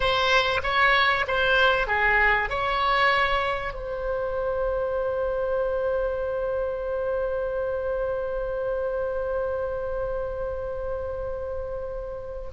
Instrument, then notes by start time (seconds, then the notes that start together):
oboe
0.00 C5
0.62 C#5
1.27 C5
1.87 G#4
2.49 C#5
3.73 C5